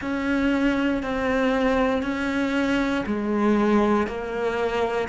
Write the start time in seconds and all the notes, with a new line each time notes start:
0.00 C#4
1.02 C4
2.02 C#4
3.06 G#3
4.07 A#3